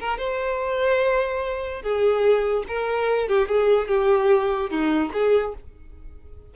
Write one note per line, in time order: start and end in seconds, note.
0.00 0.18 A#4
0.18 1.82 C5
1.82 2.65 G#4
2.68 3.29 A#4
3.29 3.49 G4
3.49 3.88 G#4
3.88 4.70 G4
4.71 5.12 D#4
5.14 5.55 G#4